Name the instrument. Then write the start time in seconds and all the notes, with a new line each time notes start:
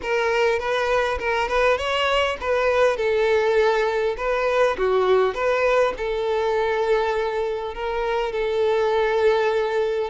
violin
0.02 A#4
0.59 B4
1.18 A#4
1.48 B4
1.77 C#5
2.40 B4
2.96 A4
4.17 B4
4.77 F#4
5.34 B4
5.97 A4
7.74 A#4
8.32 A4